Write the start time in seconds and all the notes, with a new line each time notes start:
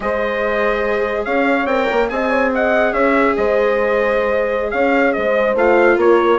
0.00 G#3 G#4 C5 D#5
1.24 C#4 C#5 F5
1.65 C4 A#4 G5
1.91 A#3
2.08 C4 G#4 D#5 G#5
2.30 C#5
2.54 D#5 F#5
2.92 C#4 C#5 E5
3.36 G#3 C5 D#5
4.70 C#4 C#5 F5
5.12 G#3 C5 D#5
5.55 A3 F4 F5
5.97 A#3 A#4 C#5